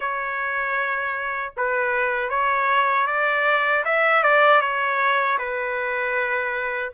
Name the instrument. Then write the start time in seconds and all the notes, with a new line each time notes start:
trumpet
0.00 C#5
1.56 B4
2.29 C#5
3.07 D5
3.85 E5
4.23 D5
4.61 C#5
5.38 B4